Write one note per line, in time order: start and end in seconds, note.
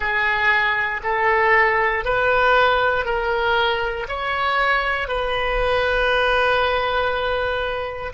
0.00 1.01 G#4
1.03 2.04 A4
2.04 3.05 B4
3.05 4.06 A#4
4.08 5.08 C#5
5.08 8.13 B4